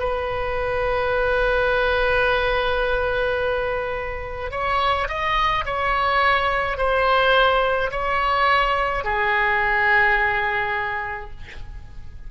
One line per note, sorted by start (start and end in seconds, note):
0.00 4.51 B4
4.51 5.08 C#5
5.08 5.65 D#5
5.66 6.78 C#5
6.78 7.91 C5
7.91 9.05 C#5
9.05 11.31 G#4